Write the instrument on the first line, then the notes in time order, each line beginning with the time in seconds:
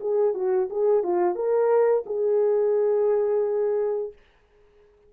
horn
0.00 G#4
0.34 F#4
0.70 G#4
1.03 F4
1.35 A#4
2.05 G#4